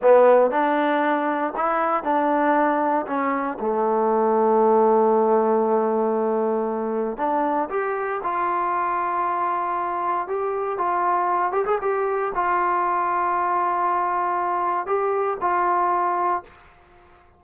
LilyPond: \new Staff \with { instrumentName = "trombone" } { \time 4/4 \tempo 4 = 117 b4 d'2 e'4 | d'2 cis'4 a4~ | a1~ | a2 d'4 g'4 |
f'1 | g'4 f'4. g'16 gis'16 g'4 | f'1~ | f'4 g'4 f'2 | }